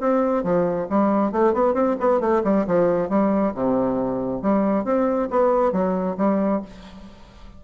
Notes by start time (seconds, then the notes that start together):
0.00 C4
0.43 F3
0.89 G3
1.32 A3
1.53 B3
1.74 C4
2.00 B3
2.20 A3
2.43 G3
2.66 F3
3.09 G3
3.54 C3
4.41 G3
4.84 C4
5.30 B3
5.72 F#3
6.17 G3